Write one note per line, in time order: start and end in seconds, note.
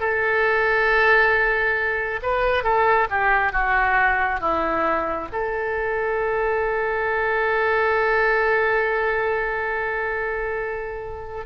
0.00 2.21 A4
2.23 2.64 B4
2.64 3.08 A4
3.10 3.53 G4
3.53 4.40 F#4
4.40 5.29 E4
5.32 11.46 A4